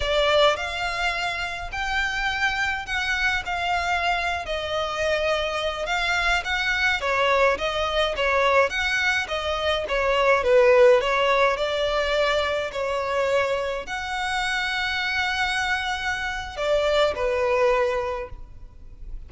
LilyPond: \new Staff \with { instrumentName = "violin" } { \time 4/4 \tempo 4 = 105 d''4 f''2 g''4~ | g''4 fis''4 f''4.~ f''16 dis''16~ | dis''2~ dis''16 f''4 fis''8.~ | fis''16 cis''4 dis''4 cis''4 fis''8.~ |
fis''16 dis''4 cis''4 b'4 cis''8.~ | cis''16 d''2 cis''4.~ cis''16~ | cis''16 fis''2.~ fis''8.~ | fis''4 d''4 b'2 | }